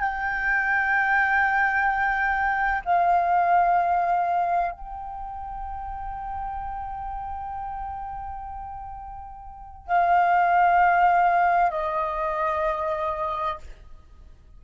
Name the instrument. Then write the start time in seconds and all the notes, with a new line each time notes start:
flute
0.00 G5
2.85 F5
4.72 G5
9.87 F5
11.71 D#5